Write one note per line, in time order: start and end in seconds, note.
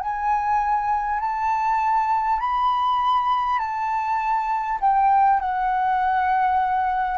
0.00 1.20 G#5
1.20 2.39 A5
2.39 3.58 B5
3.58 4.78 A5
4.81 5.39 G5
5.39 7.17 F#5